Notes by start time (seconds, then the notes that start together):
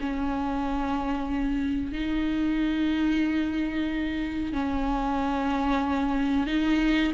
0.00 C#4
1.92 D#4
4.52 C#4
6.47 D#4